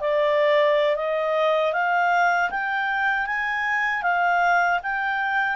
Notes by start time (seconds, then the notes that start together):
0.00 D5
0.96 D#5
1.73 F5
2.50 G5
3.26 G#5
4.02 F5
4.82 G5